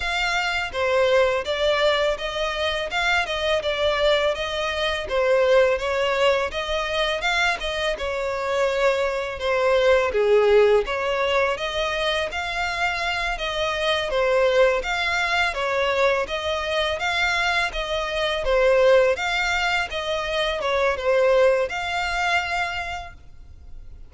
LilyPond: \new Staff \with { instrumentName = "violin" } { \time 4/4 \tempo 4 = 83 f''4 c''4 d''4 dis''4 | f''8 dis''8 d''4 dis''4 c''4 | cis''4 dis''4 f''8 dis''8 cis''4~ | cis''4 c''4 gis'4 cis''4 |
dis''4 f''4. dis''4 c''8~ | c''8 f''4 cis''4 dis''4 f''8~ | f''8 dis''4 c''4 f''4 dis''8~ | dis''8 cis''8 c''4 f''2 | }